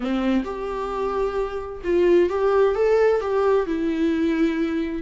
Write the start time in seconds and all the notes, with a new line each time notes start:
0.00 C4
0.44 G4
1.84 F4
2.29 G4
2.75 A4
3.20 G4
3.66 E4